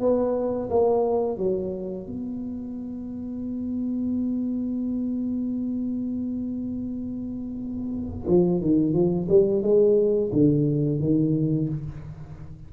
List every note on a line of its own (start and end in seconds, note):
0.00 0.69 B3
0.70 1.37 A#3
1.37 2.06 F#3
2.06 8.27 B3
8.27 8.61 F3
8.61 8.93 D#3
8.93 9.28 F3
9.29 9.62 G3
9.62 10.31 G#3
10.32 11.00 D3
11.00 11.69 D#3